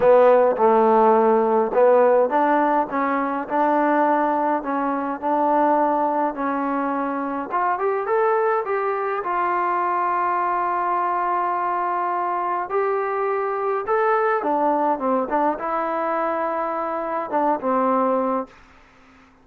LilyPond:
\new Staff \with { instrumentName = "trombone" } { \time 4/4 \tempo 4 = 104 b4 a2 b4 | d'4 cis'4 d'2 | cis'4 d'2 cis'4~ | cis'4 f'8 g'8 a'4 g'4 |
f'1~ | f'2 g'2 | a'4 d'4 c'8 d'8 e'4~ | e'2 d'8 c'4. | }